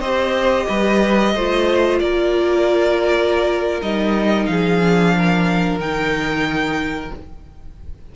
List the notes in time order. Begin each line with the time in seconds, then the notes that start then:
0.00 C4 G4 C5 D#5
0.69 G3 B4
1.34 A3 F4 C5
2.00 A#3 A#4 D5
3.82 G3 D#4 D#5
4.46 F3 G#4 F5
4.82 D4
5.18 A#4
5.79 D#3 D#4 G5